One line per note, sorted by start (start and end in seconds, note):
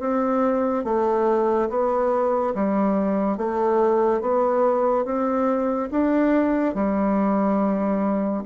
0.00 0.85 C4
0.85 1.69 A3
1.70 2.54 B3
2.55 3.38 G3
3.38 4.21 A3
4.21 5.06 B3
5.06 5.90 C4
5.92 6.75 D4
6.75 8.44 G3